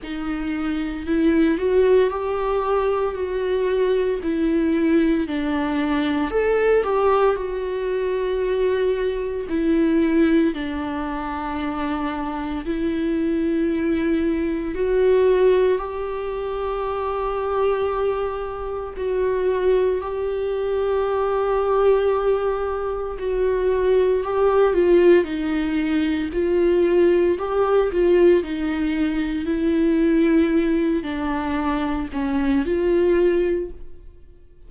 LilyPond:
\new Staff \with { instrumentName = "viola" } { \time 4/4 \tempo 4 = 57 dis'4 e'8 fis'8 g'4 fis'4 | e'4 d'4 a'8 g'8 fis'4~ | fis'4 e'4 d'2 | e'2 fis'4 g'4~ |
g'2 fis'4 g'4~ | g'2 fis'4 g'8 f'8 | dis'4 f'4 g'8 f'8 dis'4 | e'4. d'4 cis'8 f'4 | }